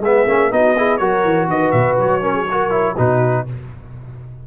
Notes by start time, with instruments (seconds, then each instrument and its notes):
0.00 tuba G#3, trombone B3, horn G#4, trumpet E5
0.27 tuba A#3, trombone C#4
0.51 tuba B3, trombone D#4, horn F#4, trumpet D#5
0.77 trombone E4, horn G#4
0.98 tuba F#3, trombone F#4, horn A#4, trumpet C#5
1.24 tuba E3
1.48 tuba D#3, horn B4, trumpet D#5
1.71 tuba B2, trumpet E5
1.99 tuba F#3, trumpet C#5
2.22 trombone C#4, horn A#4
2.34 horn G#4
2.52 trombone F#4, horn A#4
2.71 trombone E4
2.95 tuba B2, trombone D#4, horn F#4, trumpet B4